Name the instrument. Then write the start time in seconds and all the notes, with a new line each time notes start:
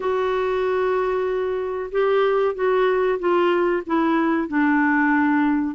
clarinet
0.00 F#4
1.91 G4
2.54 F#4
3.19 F4
3.86 E4
4.47 D4